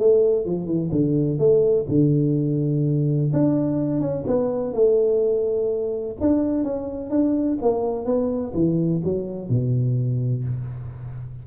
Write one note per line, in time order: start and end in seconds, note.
0.00 0.46 A3
0.46 0.66 F3
0.66 0.90 E3
0.92 1.39 D3
1.39 1.87 A3
1.89 3.32 D3
3.33 4.01 D4
4.01 4.25 C#4
4.27 4.74 B3
4.74 6.17 A3
6.21 6.64 D4
6.64 7.11 C#4
7.11 7.58 D4
7.62 8.06 A#3
8.06 8.53 B3
8.55 9.02 E3
9.04 9.50 F#3
9.50 10.45 B2